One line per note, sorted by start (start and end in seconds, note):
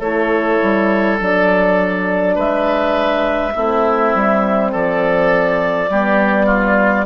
0.00 0.59 A3
0.00 1.19 E4
0.00 2.35 A4
0.00 1.18 C#5
0.62 1.20 G3
1.19 2.37 F#3
1.19 3.54 D4
1.19 2.39 D5
2.36 3.54 G#3
2.36 3.53 B4
2.36 4.73 E5
3.55 4.15 A3
3.55 5.91 C4
3.55 4.72 E4
4.15 4.74 G3
4.72 5.90 F3
4.72 5.90 A4
4.72 7.06 D5
5.90 7.06 G3
5.90 7.06 B3
5.90 6.46 G4
6.46 7.05 F4